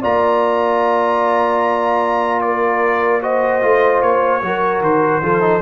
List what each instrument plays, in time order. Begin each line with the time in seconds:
0.00 tuba A#3, trombone F4, horn D5, trumpet A#5
2.41 horn A#4, trumpet D5
3.21 trombone F#4, horn C5, trumpet D#5
3.61 tuba A3, trombone F4
4.02 tuba A#3, trumpet C#5
4.41 tuba F#3, trombone F#4, horn A#4
4.80 tuba D#3, trumpet C5
5.21 tuba F3, trombone F4, horn A4
5.40 trombone D#4